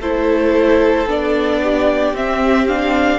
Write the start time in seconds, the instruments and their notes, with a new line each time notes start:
0.00 cello A3, viola E4, violin A4 C5
1.06 cello B3, viola D4, violin D5
1.63 violin G4
2.13 cello C4, viola C4, violin E5
2.68 viola D4, violin F5